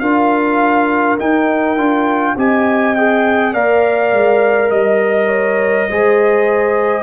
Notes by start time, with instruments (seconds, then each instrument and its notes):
0.00 tuba D4, trombone F4, horn A#4, trumpet F5
1.19 trombone D#4, tuba D#4, trumpet G5
1.76 tuba D4, trombone F4
2.37 tuba C4, trombone G4, horn D#5, trumpet G#5
2.96 trombone G#4, trumpet G5
3.53 tuba A#3, trombone A#4, horn D5, trumpet F5
4.12 tuba G#3
4.70 tuba G3, horn D#5, trumpet D#5
5.28 horn C#5
5.88 tuba G#3, trombone G#4, horn C5